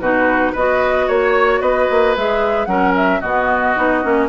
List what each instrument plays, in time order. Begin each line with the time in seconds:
0.00 bassoon B2, clarinet D#4, oboe F#4, flute B4
0.52 bassoon B3, clarinet F#4, oboe B4, flute D#5
1.08 bassoon A#3, oboe C#5, flute C#5
1.61 bassoon B3, oboe B4, flute D#5
1.90 bassoon A#3
2.17 bassoon G#3, clarinet G#4, flute E5
2.66 bassoon F#3, clarinet C#4, oboe A#4, flute F#5
2.96 flute E5
3.20 bassoon B2, clarinet B3, oboe F#4, flute D#5
3.76 bassoon B3, clarinet D#4
4.03 bassoon A#3, clarinet C#4